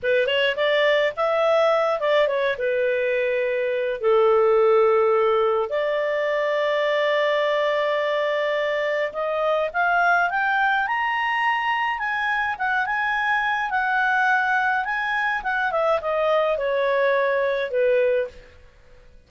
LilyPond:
\new Staff \with { instrumentName = "clarinet" } { \time 4/4 \tempo 4 = 105 b'8 cis''8 d''4 e''4. d''8 | cis''8 b'2~ b'8 a'4~ | a'2 d''2~ | d''1 |
dis''4 f''4 g''4 ais''4~ | ais''4 gis''4 fis''8 gis''4. | fis''2 gis''4 fis''8 e''8 | dis''4 cis''2 b'4 | }